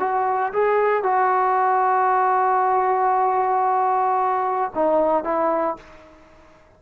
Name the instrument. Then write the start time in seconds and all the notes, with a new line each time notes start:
trombone
0.00 F#4
0.53 G#4
1.04 F#4
4.75 D#4
5.24 E4